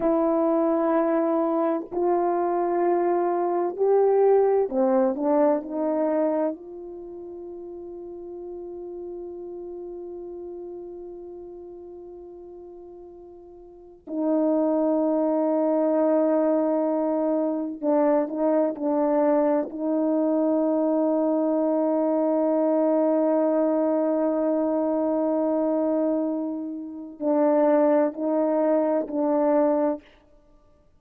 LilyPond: \new Staff \with { instrumentName = "horn" } { \time 4/4 \tempo 4 = 64 e'2 f'2 | g'4 c'8 d'8 dis'4 f'4~ | f'1~ | f'2. dis'4~ |
dis'2. d'8 dis'8 | d'4 dis'2.~ | dis'1~ | dis'4 d'4 dis'4 d'4 | }